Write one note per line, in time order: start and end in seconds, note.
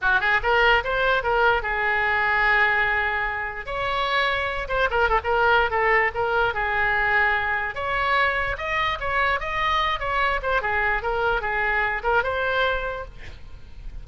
0.01 0.20 F#4
0.20 0.40 G#4
0.42 0.83 A#4
0.83 1.23 C5
1.23 1.62 A#4
1.62 3.65 G#4
3.65 4.68 C#5
4.68 4.88 C5
4.90 5.09 A#4
5.09 5.19 A4
5.24 5.70 A#4
5.70 6.11 A4
6.14 6.54 A#4
6.54 7.74 G#4
7.74 8.56 C#5
8.57 8.98 D#5
9.00 9.40 C#5
9.40 9.99 D#5
9.99 10.40 C#5
10.42 10.61 C5
10.61 11.02 G#4
11.02 11.41 A#4
11.41 12.02 G#4
12.03 12.23 A#4
12.23 13.04 C5